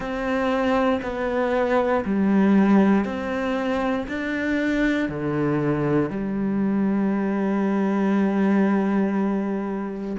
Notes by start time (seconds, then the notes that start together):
0.00 C4
1.02 B3
2.04 G3
3.04 C4
4.08 D4
5.08 D3
6.10 G3